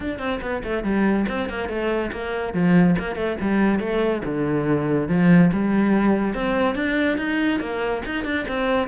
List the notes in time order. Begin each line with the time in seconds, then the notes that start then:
0.00 D4
0.18 C4
0.41 B3
0.63 A3
0.83 G3
1.28 C4
1.49 A#3
1.68 A3
2.12 A#3
2.53 F3
2.98 A#3
3.15 A3
3.40 G3
3.79 A3
4.24 D3
5.08 F3
5.53 G3
6.34 C4
6.75 D4
7.17 D#4
7.60 A#3
8.05 D#4
8.24 D4
8.48 C4